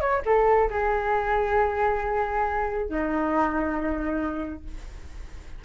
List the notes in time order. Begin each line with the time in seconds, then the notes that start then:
0.00 C#5
0.25 A4
0.70 G#4
2.89 D#4